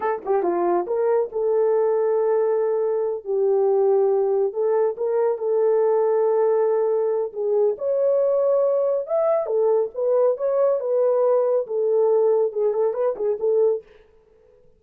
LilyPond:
\new Staff \with { instrumentName = "horn" } { \time 4/4 \tempo 4 = 139 a'8 g'8 f'4 ais'4 a'4~ | a'2.~ a'8 g'8~ | g'2~ g'8 a'4 ais'8~ | ais'8 a'2.~ a'8~ |
a'4 gis'4 cis''2~ | cis''4 e''4 a'4 b'4 | cis''4 b'2 a'4~ | a'4 gis'8 a'8 b'8 gis'8 a'4 | }